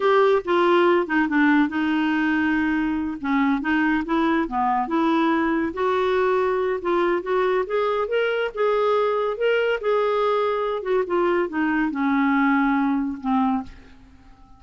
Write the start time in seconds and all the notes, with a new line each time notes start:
0.00 G4
0.44 F4
1.06 D#4
1.28 D4
1.68 D#4
3.21 C#4
3.61 D#4
4.05 E4
4.48 B3
4.87 E4
5.73 F#4
6.81 F4
7.22 F#4
7.66 G#4
8.08 A#4
8.54 G#4
9.37 A#4
9.80 G#4
10.82 F#4
11.06 F4
11.48 D#4
11.91 C#4
13.20 C4